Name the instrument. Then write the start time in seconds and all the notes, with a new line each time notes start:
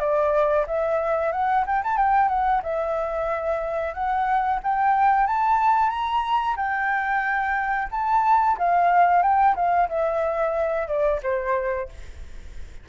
flute
0.00 D5
0.67 E5
1.32 F#5
1.67 G5
1.84 A5
1.98 G5
2.29 F#5
2.63 E5
3.94 F#5
4.64 G5
5.27 A5
5.90 A#5
6.57 G5
7.92 A5
8.58 F5
9.23 G5
9.56 F5
9.89 E5
10.88 D5
11.24 C5